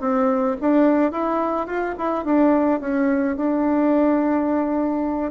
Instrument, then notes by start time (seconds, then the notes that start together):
bassoon
0.00 C4
0.60 D4
1.12 E4
1.67 F4
1.98 E4
2.25 D4
2.80 C#4
3.36 D4